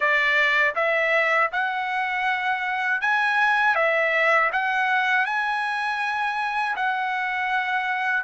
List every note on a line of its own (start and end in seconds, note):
0.00 0.74 D5
0.75 1.50 E5
1.52 3.01 F#5
3.01 3.75 G#5
3.75 4.50 E5
4.52 5.25 F#5
5.25 6.75 G#5
6.75 8.23 F#5